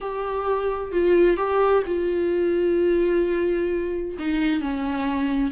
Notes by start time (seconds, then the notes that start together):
0.00 G4
0.92 F4
1.36 G4
1.86 F4
4.19 D#4
4.61 C#4